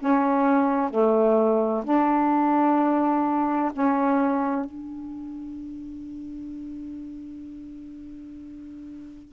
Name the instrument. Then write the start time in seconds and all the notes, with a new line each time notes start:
saxophone
0.00 C#4
0.90 A3
1.85 D4
3.73 C#4
4.66 D4